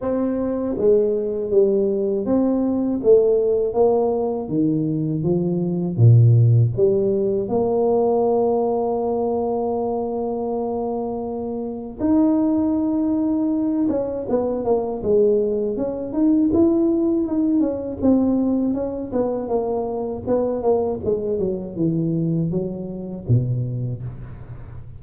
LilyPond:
\new Staff \with { instrumentName = "tuba" } { \time 4/4 \tempo 4 = 80 c'4 gis4 g4 c'4 | a4 ais4 dis4 f4 | ais,4 g4 ais2~ | ais1 |
dis'2~ dis'8 cis'8 b8 ais8 | gis4 cis'8 dis'8 e'4 dis'8 cis'8 | c'4 cis'8 b8 ais4 b8 ais8 | gis8 fis8 e4 fis4 b,4 | }